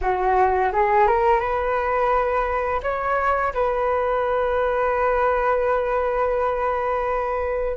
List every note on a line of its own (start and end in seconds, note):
0.01 0.71 F#4
0.72 1.07 G#4
1.07 1.39 A#4
1.39 2.80 B4
2.82 3.53 C#5
3.53 7.76 B4